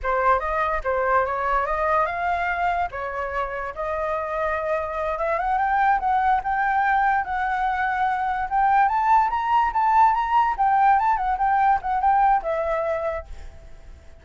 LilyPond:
\new Staff \with { instrumentName = "flute" } { \time 4/4 \tempo 4 = 145 c''4 dis''4 c''4 cis''4 | dis''4 f''2 cis''4~ | cis''4 dis''2.~ | dis''8 e''8 fis''8 g''4 fis''4 g''8~ |
g''4. fis''2~ fis''8~ | fis''8 g''4 a''4 ais''4 a''8~ | a''8 ais''4 g''4 a''8 fis''8 g''8~ | g''8 fis''8 g''4 e''2 | }